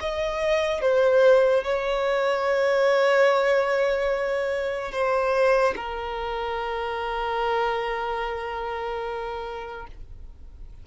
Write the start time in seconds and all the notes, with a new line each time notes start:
0.00 D#5
0.81 C5
1.64 C#5
4.92 C5
5.76 A#4